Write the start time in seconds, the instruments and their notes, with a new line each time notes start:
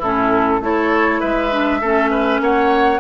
0.00 bassoon A2, clarinet C#4, oboe E4, flute A4
0.61 bassoon A3, clarinet E4, oboe A4, flute C#5
1.21 bassoon G#3, oboe B4, flute E5
1.51 clarinet D4
1.81 bassoon A3, clarinet C#4, oboe A4
2.11 oboe B4
2.40 bassoon A#3, oboe C#5, flute F#5